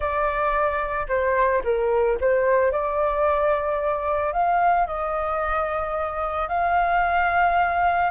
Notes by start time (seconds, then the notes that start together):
0.00 D5
1.08 C5
1.64 A#4
2.20 C5
2.71 D5
4.32 F5
4.86 D#5
6.48 F5